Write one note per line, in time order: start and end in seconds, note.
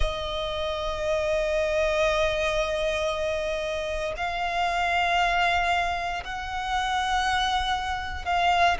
0.00 4.13 D#5
4.17 6.24 F5
6.24 8.25 F#5
8.25 8.76 F5